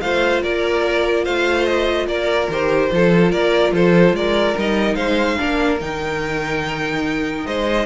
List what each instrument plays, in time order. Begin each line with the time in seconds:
0.00 cello A3, viola F4, violin C5 F5
0.42 cello A#3, violin A#4 D5
1.24 cello A3, violin C5 F5
1.65 violin D#5
2.06 cello A#3, violin A#4 D5
2.49 cello D#3, viola G4, violin C5
2.90 cello F3, viola F4, violin A4
3.31 cello A#3, violin A#4 D5
3.71 cello F3, violin A4 C5
4.12 cello G#3, violin A#4 D5
4.56 cello G3, viola D#4, violin D#5
4.95 cello G#3, violin C5 F5
5.37 cello A#3, viola D4, violin A#4
5.80 cello D#3, viola D#4, violin G5
7.46 cello G#3, violin C5 D#5